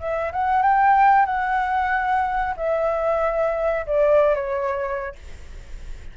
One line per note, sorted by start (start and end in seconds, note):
0.00 0.32 E5
0.33 0.63 F#5
0.63 1.26 G5
1.26 2.55 F#5
2.57 3.86 E5
3.87 4.35 D5
4.35 5.16 C#5